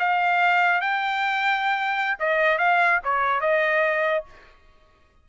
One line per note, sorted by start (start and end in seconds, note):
0.00 0.81 F5
0.81 2.18 G5
2.20 2.59 D#5
2.59 3.01 F5
3.04 3.41 C#5
3.41 4.25 D#5